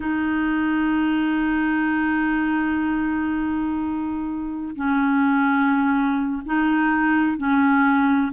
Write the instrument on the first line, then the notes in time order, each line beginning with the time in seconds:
clarinet
0.00 D#4
4.75 C#4
6.45 D#4
7.37 C#4